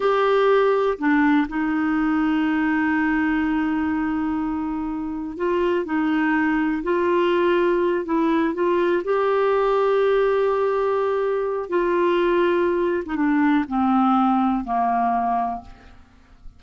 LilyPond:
\new Staff \with { instrumentName = "clarinet" } { \time 4/4 \tempo 4 = 123 g'2 d'4 dis'4~ | dis'1~ | dis'2. f'4 | dis'2 f'2~ |
f'8 e'4 f'4 g'4.~ | g'1 | f'2~ f'8. dis'16 d'4 | c'2 ais2 | }